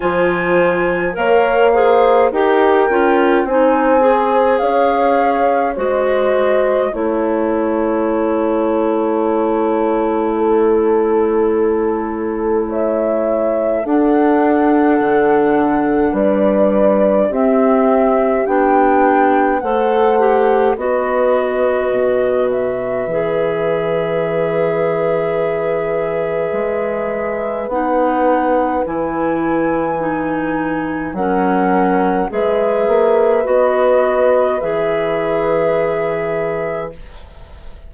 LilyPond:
<<
  \new Staff \with { instrumentName = "flute" } { \time 4/4 \tempo 4 = 52 gis''4 f''4 g''4 gis''4 | f''4 dis''4 cis''2~ | cis''2. e''4 | fis''2 d''4 e''4 |
g''4 fis''4 dis''4. e''8~ | e''1 | fis''4 gis''2 fis''4 | e''4 dis''4 e''2 | }
  \new Staff \with { instrumentName = "horn" } { \time 4/4 c''4 cis''8 c''8 ais'4 c''4 | cis''4 c''4 cis''2~ | cis''4 a'2 cis''4 | a'2 b'4 g'4~ |
g'4 c''4 b'2~ | b'1~ | b'2. ais'4 | b'1 | }
  \new Staff \with { instrumentName = "clarinet" } { \time 4/4 f'4 ais'8 gis'8 g'8 f'8 dis'8 gis'8~ | gis'4 fis'4 e'2~ | e'1 | d'2. c'4 |
d'4 a'8 g'8 fis'2 | gis'1 | dis'4 e'4 dis'4 cis'4 | gis'4 fis'4 gis'2 | }
  \new Staff \with { instrumentName = "bassoon" } { \time 4/4 f4 ais4 dis'8 cis'8 c'4 | cis'4 gis4 a2~ | a1 | d'4 d4 g4 c'4 |
b4 a4 b4 b,4 | e2. gis4 | b4 e2 fis4 | gis8 ais8 b4 e2 | }
>>